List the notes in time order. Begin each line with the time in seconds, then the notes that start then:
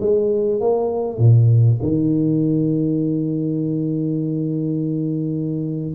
0.00 G#3
0.60 A#3
1.18 A#2
1.82 D#3